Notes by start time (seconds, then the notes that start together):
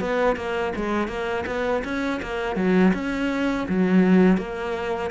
0.00 B3
0.36 A#3
0.75 G#3
1.07 A#3
1.46 B3
1.84 C#4
2.22 A#3
2.56 F#3
2.93 C#4
3.69 F#3
4.37 A#3